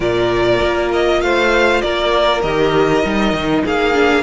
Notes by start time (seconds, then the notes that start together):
0.00 A#2 F4 A#4 D5
0.61 A#3
0.92 D#5
1.21 A3 C5 F5
1.81 A#3 A#4 D5
2.42 D#3 G4 D#5
3.03 G3 D#4
3.32 D#3
3.64 A#3 G#4 F5
3.93 D4